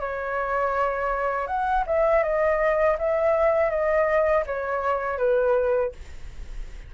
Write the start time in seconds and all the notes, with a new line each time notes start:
0.00 C#5
1.47 F#5
1.87 E5
2.23 D#5
2.99 E5
3.70 D#5
4.46 C#5
5.18 B4